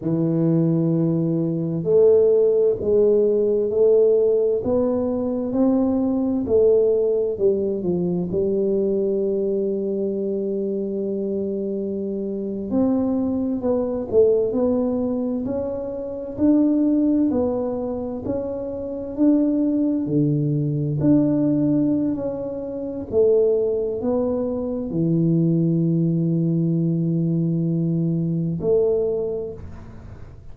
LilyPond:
\new Staff \with { instrumentName = "tuba" } { \time 4/4 \tempo 4 = 65 e2 a4 gis4 | a4 b4 c'4 a4 | g8 f8 g2.~ | g4.~ g16 c'4 b8 a8 b16~ |
b8. cis'4 d'4 b4 cis'16~ | cis'8. d'4 d4 d'4~ d'16 | cis'4 a4 b4 e4~ | e2. a4 | }